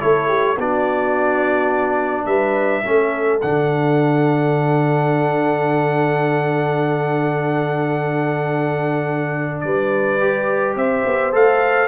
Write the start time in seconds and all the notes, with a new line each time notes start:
0.00 A3 E4 A4 C#5
0.28 G4
0.57 B3 D4 F#4 D5
2.25 G3 B4 E5
2.84 A3 C#4 A4
3.41 D3 D4 F#5
9.60 G3 B4 D5
10.20 G4
10.76 C4 C5 E5
11.05 B3
11.32 A3 A4 F5